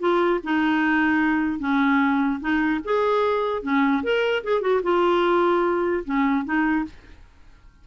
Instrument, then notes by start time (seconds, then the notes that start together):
clarinet
0.00 F4
0.44 D#4
1.60 C#4
2.41 D#4
2.85 G#4
3.63 C#4
4.03 A#4
4.44 G#4
4.62 F#4
4.83 F4
6.05 C#4
6.45 D#4